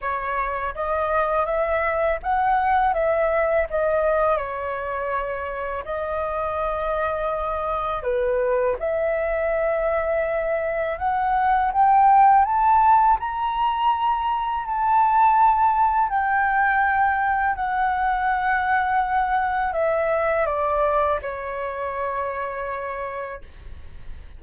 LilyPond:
\new Staff \with { instrumentName = "flute" } { \time 4/4 \tempo 4 = 82 cis''4 dis''4 e''4 fis''4 | e''4 dis''4 cis''2 | dis''2. b'4 | e''2. fis''4 |
g''4 a''4 ais''2 | a''2 g''2 | fis''2. e''4 | d''4 cis''2. | }